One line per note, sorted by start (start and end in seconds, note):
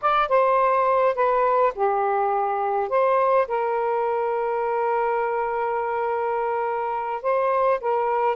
0.01 0.28 D5
0.28 1.15 C5
1.15 1.73 B4
1.74 2.89 G4
2.89 3.47 C5
3.47 7.22 A#4
7.22 7.80 C5
7.80 8.35 A#4